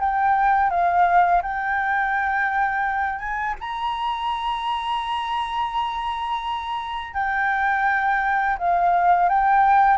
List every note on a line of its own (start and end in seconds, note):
0.00 0.71 G5
0.71 1.42 F5
1.43 3.19 G5
3.19 3.55 G#5
3.61 7.14 A#5
7.14 8.57 G5
8.58 9.30 F5
9.30 9.98 G5